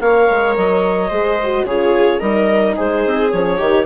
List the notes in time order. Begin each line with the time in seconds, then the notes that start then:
0.00 A#3 A#4 C#5 F5
0.29 G#3
0.56 F#3 D#5
1.08 G#3 G#4 C5
1.43 F#4
1.64 C#3 F4 G#4 C#5
2.19 G3 D#4 A#4 D#5
2.76 G#3 G#4 C5
3.06 C4
3.30 F3 C#4 C#5
3.57 D#3 D#4 G4